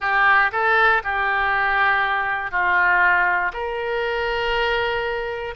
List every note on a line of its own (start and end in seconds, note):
0.00 0.51 G4
0.52 1.02 A4
1.03 2.51 G4
2.51 3.52 F4
3.53 5.54 A#4